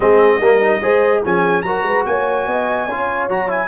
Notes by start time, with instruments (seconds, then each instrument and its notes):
0.00 tuba G#3, trombone C4, horn G#4, trumpet D#5
0.39 tuba G3, trombone A#3, horn A#4
0.61 trombone D#4
0.82 tuba G#3, trombone G#4, horn C5
1.24 tuba F3, trombone C#4, horn G#4, trumpet G#5
1.62 tuba F#3, trombone F#4, horn A#4, trumpet A#5
1.82 tuba G#3, horn B4
2.05 tuba A#3, horn C#5, trumpet G#5
2.47 tuba B3, horn D#5
2.86 tuba C#4, trombone F4, horn C#5
3.28 tuba F#3, trombone F#4, trumpet A#5
3.48 trombone E4, trumpet G#5